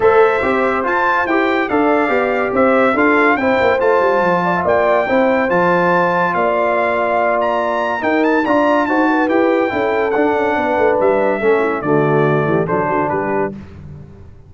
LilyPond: <<
  \new Staff \with { instrumentName = "trumpet" } { \time 4/4 \tempo 4 = 142 e''2 a''4 g''4 | f''2 e''4 f''4 | g''4 a''2 g''4~ | g''4 a''2 f''4~ |
f''4. ais''4. g''8 a''8 | ais''4 a''4 g''2 | fis''2 e''2 | d''2 c''4 b'4 | }
  \new Staff \with { instrumentName = "horn" } { \time 4/4 c''1 | d''2 c''4 a'4 | c''2~ c''8 d''16 e''16 d''4 | c''2. d''4~ |
d''2. ais'4 | d''4 c''8 b'4. a'4~ | a'4 b'2 a'8 e'8 | fis'4. g'8 a'8 fis'8 g'4 | }
  \new Staff \with { instrumentName = "trombone" } { \time 4/4 a'4 g'4 f'4 g'4 | a'4 g'2 f'4 | e'4 f'2. | e'4 f'2.~ |
f'2. dis'4 | f'4 fis'4 g'4 e'4 | d'2. cis'4 | a2 d'2 | }
  \new Staff \with { instrumentName = "tuba" } { \time 4/4 a4 c'4 f'4 e'4 | d'4 b4 c'4 d'4 | c'8 ais8 a8 g8 f4 ais4 | c'4 f2 ais4~ |
ais2. dis'4 | d'4 dis'4 e'4 cis'4 | d'8 cis'8 b8 a8 g4 a4 | d4. e8 fis8 d8 g4 | }
>>